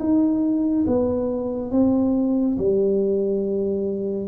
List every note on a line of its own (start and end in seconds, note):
0.00 0.86 D#4
0.87 1.72 B3
1.72 2.58 C4
2.58 4.28 G3